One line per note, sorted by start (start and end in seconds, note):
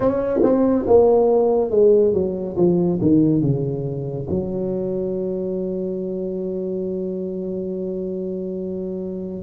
0.00 0.40 C#4
0.42 0.85 C4
0.86 1.70 A#3
1.70 2.13 G#3
2.13 2.56 F#3
2.56 2.99 F3
3.01 3.41 D#3
3.41 4.27 C#3
4.29 9.43 F#3